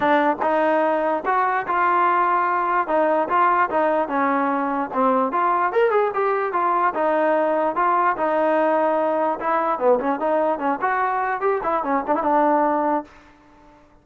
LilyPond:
\new Staff \with { instrumentName = "trombone" } { \time 4/4 \tempo 4 = 147 d'4 dis'2 fis'4 | f'2. dis'4 | f'4 dis'4 cis'2 | c'4 f'4 ais'8 gis'8 g'4 |
f'4 dis'2 f'4 | dis'2. e'4 | b8 cis'8 dis'4 cis'8 fis'4. | g'8 e'8 cis'8 d'16 e'16 d'2 | }